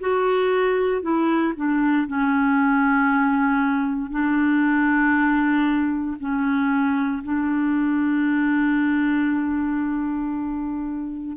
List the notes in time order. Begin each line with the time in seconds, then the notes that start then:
0.00 F#4
1.03 E4
1.57 D4
2.08 C#4
4.11 D4
6.20 C#4
7.24 D4